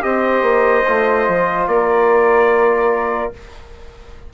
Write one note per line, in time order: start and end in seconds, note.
0.00 0.42 C4
0.00 0.82 G4
0.00 1.69 C5
0.00 1.67 D#5
0.42 0.83 A#3
0.87 1.28 A3
0.87 3.33 F4
1.28 1.67 F3
1.67 3.31 A#3
1.67 3.34 A#4
1.67 3.32 D5